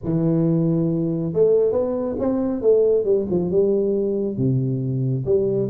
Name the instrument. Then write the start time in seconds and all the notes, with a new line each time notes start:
tuba
0.04 E3
1.33 A3
1.72 B3
2.19 C4
2.61 A3
3.04 G3
3.30 F3
3.50 G3
4.37 C3
5.25 G3